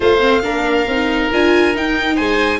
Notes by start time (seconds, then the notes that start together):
0.00 A3 F4 C5 F5
0.19 C4
0.42 A#3 D4 A#4
0.87 C4 D#4
1.32 D4 F4 G#5
1.73 D#4 G5
2.15 G#3 C5 G#5